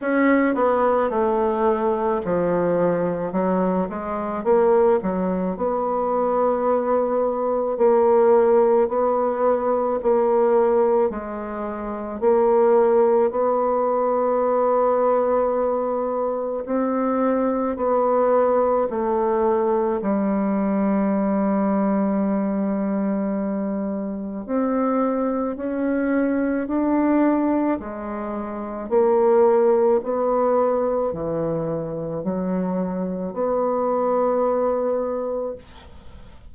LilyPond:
\new Staff \with { instrumentName = "bassoon" } { \time 4/4 \tempo 4 = 54 cis'8 b8 a4 f4 fis8 gis8 | ais8 fis8 b2 ais4 | b4 ais4 gis4 ais4 | b2. c'4 |
b4 a4 g2~ | g2 c'4 cis'4 | d'4 gis4 ais4 b4 | e4 fis4 b2 | }